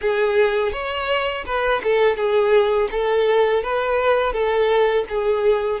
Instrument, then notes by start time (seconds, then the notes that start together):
violin
0.01 G#4
0.72 C#5
1.45 B4
1.83 A4
2.16 G#4
2.91 A4
3.63 B4
4.32 A4
5.08 G#4